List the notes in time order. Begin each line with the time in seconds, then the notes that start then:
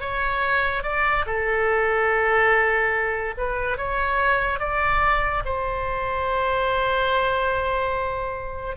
0.00 C#5
0.83 D5
1.26 A4
3.37 B4
3.77 C#5
4.59 D5
5.45 C5